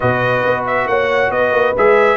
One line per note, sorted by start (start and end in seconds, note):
0.00 0.45 B2
0.00 1.75 F#4
0.00 0.86 B4
0.00 0.64 D#5
0.45 0.87 B3
0.66 0.87 E5
0.87 1.30 A#3
0.87 1.32 C#5
0.87 1.31 F#5
1.30 1.51 B3
1.30 2.16 B4
1.30 1.75 D#5
1.52 1.74 A#3
1.77 2.16 G#3
1.77 2.16 G#4
1.77 2.16 E5